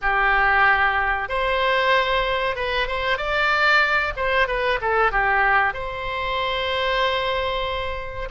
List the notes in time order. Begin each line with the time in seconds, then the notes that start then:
0.01 G4
1.29 C5
2.55 B4
2.87 C5
3.17 D5
4.16 C5
4.47 B4
4.81 A4
5.11 G4
5.73 C5